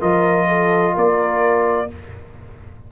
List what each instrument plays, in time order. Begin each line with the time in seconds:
0.00 tuba F3, trombone F4, horn A#4, trumpet D#5
0.48 horn A4
0.93 tuba A#3, horn A#4, trumpet D5